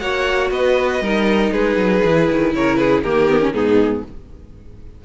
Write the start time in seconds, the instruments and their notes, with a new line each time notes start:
0.00 cello A#3, viola F#4, violin C#5 F#5
0.51 cello B3, violin B4 D#5
1.01 cello G3, viola D#4, violin A#4
1.52 cello G#3, violin G#4 B4
1.76 cello F#3
2.05 cello E3, viola E4
2.31 cello D#3
2.55 cello C#3, violin A#4 C#5
2.76 violin G#4 B4
3.03 cello D#3, viola A#3, violin G4 A#4
3.30 viola B3
3.41 viola C#4
3.53 cello G#2, viola B3, violin D#4 G#4